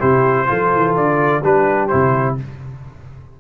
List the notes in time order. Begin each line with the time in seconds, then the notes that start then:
0.00 C3 E4 G4 C5
0.47 F3 F4 A4
0.75 E3
0.97 D3 D5
1.43 G3 D4 G4 B4
1.88 C3 E4 C5